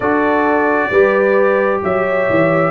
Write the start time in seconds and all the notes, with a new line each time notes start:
0.00 D4 F#4 A4 D5
0.90 G3 G4 B4
1.83 F#3 C#5 E5
2.29 E3